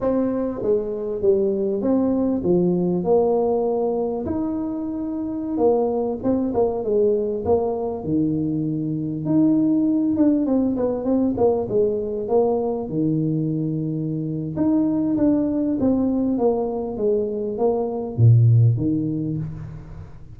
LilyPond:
\new Staff \with { instrumentName = "tuba" } { \time 4/4 \tempo 4 = 99 c'4 gis4 g4 c'4 | f4 ais2 dis'4~ | dis'4~ dis'16 ais4 c'8 ais8 gis8.~ | gis16 ais4 dis2 dis'8.~ |
dis'8. d'8 c'8 b8 c'8 ais8 gis8.~ | gis16 ais4 dis2~ dis8. | dis'4 d'4 c'4 ais4 | gis4 ais4 ais,4 dis4 | }